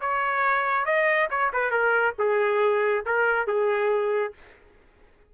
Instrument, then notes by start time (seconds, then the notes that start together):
trumpet
0.00 C#5
0.85 D#5
1.30 C#5
1.52 B4
1.71 A#4
2.18 G#4
3.05 A#4
3.46 G#4